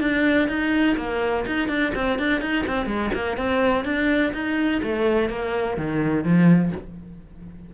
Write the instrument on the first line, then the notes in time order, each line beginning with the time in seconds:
cello
0.00 D4
0.48 D#4
0.97 A#3
1.46 D#4
1.68 D4
1.94 C4
2.18 D4
2.41 D#4
2.66 C4
2.86 G#3
3.14 A#3
3.37 C4
3.84 D4
4.33 D#4
4.82 A3
5.29 A#3
5.77 D#3
6.24 F3